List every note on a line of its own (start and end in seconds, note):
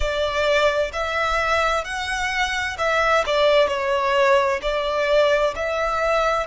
0.00 0.91 D5
0.92 1.84 E5
1.84 2.77 F#5
2.77 3.23 E5
3.26 3.67 D5
3.67 4.59 C#5
4.62 5.54 D5
5.55 6.47 E5